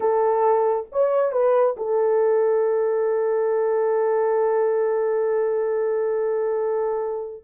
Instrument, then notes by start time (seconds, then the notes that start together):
horn
0.00 A4
0.91 C#5
1.32 B4
1.76 A4